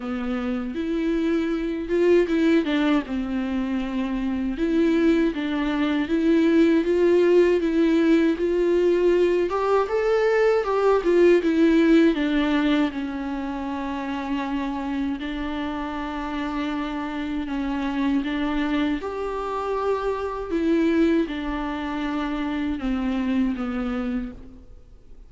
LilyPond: \new Staff \with { instrumentName = "viola" } { \time 4/4 \tempo 4 = 79 b4 e'4. f'8 e'8 d'8 | c'2 e'4 d'4 | e'4 f'4 e'4 f'4~ | f'8 g'8 a'4 g'8 f'8 e'4 |
d'4 cis'2. | d'2. cis'4 | d'4 g'2 e'4 | d'2 c'4 b4 | }